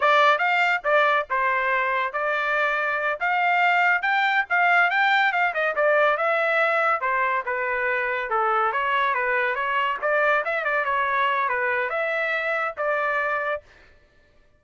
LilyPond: \new Staff \with { instrumentName = "trumpet" } { \time 4/4 \tempo 4 = 141 d''4 f''4 d''4 c''4~ | c''4 d''2~ d''8 f''8~ | f''4. g''4 f''4 g''8~ | g''8 f''8 dis''8 d''4 e''4.~ |
e''8 c''4 b'2 a'8~ | a'8 cis''4 b'4 cis''4 d''8~ | d''8 e''8 d''8 cis''4. b'4 | e''2 d''2 | }